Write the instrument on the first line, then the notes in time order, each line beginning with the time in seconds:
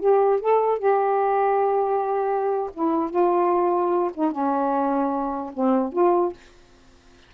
saxophone
0.00 G4
0.40 A4
0.79 G4
2.74 E4
3.11 F4
4.15 D#4
4.32 C#4
5.54 C4
5.93 F4